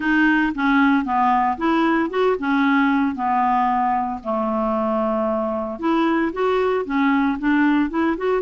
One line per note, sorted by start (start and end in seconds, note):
0.00 0.53 D#4
0.54 1.04 C#4
1.04 1.57 B3
1.57 2.10 E4
2.10 2.36 F#4
2.39 3.15 C#4
3.15 4.20 B3
4.23 5.79 A3
5.79 6.32 E4
6.33 6.85 F#4
6.85 7.38 C#4
7.38 7.89 D4
7.89 8.16 E4
8.17 8.41 F#4